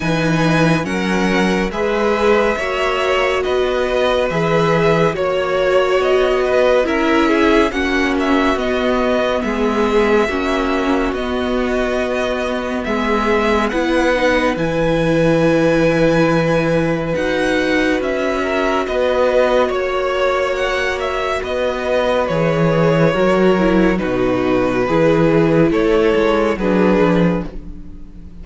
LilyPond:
<<
  \new Staff \with { instrumentName = "violin" } { \time 4/4 \tempo 4 = 70 gis''4 fis''4 e''2 | dis''4 e''4 cis''4 dis''4 | e''4 fis''8 e''8 dis''4 e''4~ | e''4 dis''2 e''4 |
fis''4 gis''2. | fis''4 e''4 dis''4 cis''4 | fis''8 e''8 dis''4 cis''2 | b'2 cis''4 b'4 | }
  \new Staff \with { instrumentName = "violin" } { \time 4/4 b'4 ais'4 b'4 cis''4 | b'2 cis''4. b'8 | ais'8 gis'8 fis'2 gis'4 | fis'2. gis'4 |
b'1~ | b'4. ais'8 b'4 cis''4~ | cis''4 b'2 ais'4 | fis'4 gis'4 a'4 gis'4 | }
  \new Staff \with { instrumentName = "viola" } { \time 4/4 dis'4 cis'4 gis'4 fis'4~ | fis'4 gis'4 fis'2 | e'4 cis'4 b2 | cis'4 b2. |
e'8 dis'8 e'2. | fis'1~ | fis'2 gis'4 fis'8 e'8 | dis'4 e'2 d'4 | }
  \new Staff \with { instrumentName = "cello" } { \time 4/4 e4 fis4 gis4 ais4 | b4 e4 ais4 b4 | cis'4 ais4 b4 gis4 | ais4 b2 gis4 |
b4 e2. | dis'4 cis'4 b4 ais4~ | ais4 b4 e4 fis4 | b,4 e4 a8 gis8 fis8 f8 | }
>>